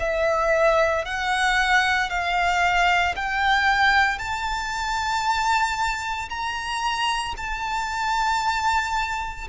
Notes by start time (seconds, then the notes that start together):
0.00 E5
1.05 F#5
2.10 F5
3.16 G5
4.19 A5
6.30 A#5
7.38 A5